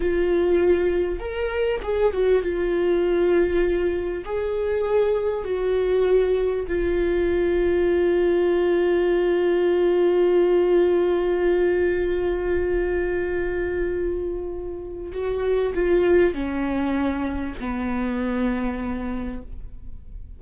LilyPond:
\new Staff \with { instrumentName = "viola" } { \time 4/4 \tempo 4 = 99 f'2 ais'4 gis'8 fis'8 | f'2. gis'4~ | gis'4 fis'2 f'4~ | f'1~ |
f'1~ | f'1~ | f'4 fis'4 f'4 cis'4~ | cis'4 b2. | }